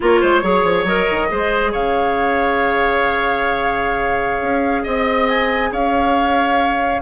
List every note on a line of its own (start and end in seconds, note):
0.00 0.22 A#3
0.00 0.42 F4
0.00 0.20 A#4
0.00 0.86 C#5
0.20 0.43 G#3
0.20 0.41 C5
0.41 0.63 F#3
0.41 0.85 G#4
0.41 1.28 C#5
0.63 0.84 F3
0.84 1.05 F#3
0.84 1.27 A#4
0.84 1.72 D#5
1.10 1.30 D#3
1.27 1.73 G#3
1.27 6.99 G#4
1.27 1.72 C5
1.72 4.41 C#3
1.72 4.83 C#5
1.72 4.85 F5
4.41 4.84 C#4
4.83 5.71 C4
4.83 5.69 D#5
4.83 5.28 D#5
5.28 5.71 G#5
5.71 7.00 C#4
5.71 7.01 C#5
5.71 7.01 F5